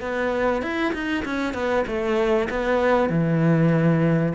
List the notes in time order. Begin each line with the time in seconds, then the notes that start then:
0.00 B3
0.62 E4
0.93 D#4
1.25 C#4
1.54 B3
1.87 A3
2.49 B3
3.09 E3